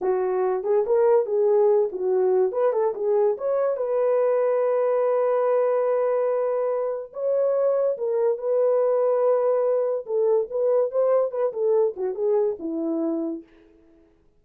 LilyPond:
\new Staff \with { instrumentName = "horn" } { \time 4/4 \tempo 4 = 143 fis'4. gis'8 ais'4 gis'4~ | gis'8 fis'4. b'8 a'8 gis'4 | cis''4 b'2.~ | b'1~ |
b'4 cis''2 ais'4 | b'1 | a'4 b'4 c''4 b'8 a'8~ | a'8 fis'8 gis'4 e'2 | }